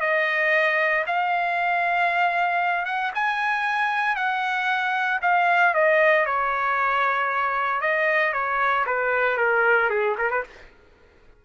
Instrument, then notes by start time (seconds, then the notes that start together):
trumpet
0.00 D#5
1.06 F5
2.85 F#5
3.14 G#5
4.15 F#5
5.22 F5
5.74 D#5
6.26 C#5
7.81 D#5
8.33 C#5
8.86 B4
9.37 A#4
9.89 G#4
10.18 A#4
10.30 B4